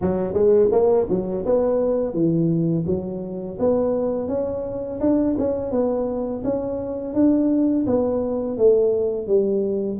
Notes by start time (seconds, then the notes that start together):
0.01 F#3
0.33 G#3
0.71 A#3
1.09 F#3
1.45 B3
2.13 E3
2.86 F#3
3.59 B3
4.28 C#4
5.00 D4
5.38 C#4
5.71 B3
6.44 C#4
7.14 D4
7.86 B3
8.57 A3
9.27 G3